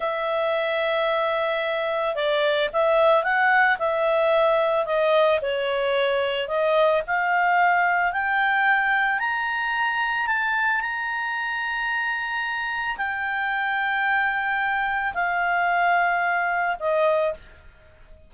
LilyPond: \new Staff \with { instrumentName = "clarinet" } { \time 4/4 \tempo 4 = 111 e''1 | d''4 e''4 fis''4 e''4~ | e''4 dis''4 cis''2 | dis''4 f''2 g''4~ |
g''4 ais''2 a''4 | ais''1 | g''1 | f''2. dis''4 | }